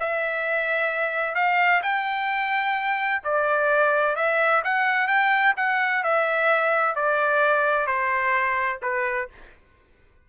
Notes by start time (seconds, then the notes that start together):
0.00 E5
1.35 F5
1.83 G5
3.24 D5
4.16 E5
4.64 F#5
5.08 G5
5.57 F#5
6.04 E5
6.96 D5
7.87 C5
8.82 B4